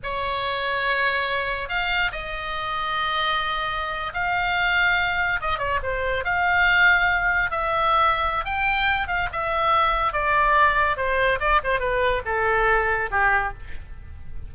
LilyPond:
\new Staff \with { instrumentName = "oboe" } { \time 4/4 \tempo 4 = 142 cis''1 | f''4 dis''2.~ | dis''4.~ dis''16 f''2~ f''16~ | f''8. dis''8 cis''8 c''4 f''4~ f''16~ |
f''4.~ f''16 e''2~ e''16 | g''4. f''8 e''2 | d''2 c''4 d''8 c''8 | b'4 a'2 g'4 | }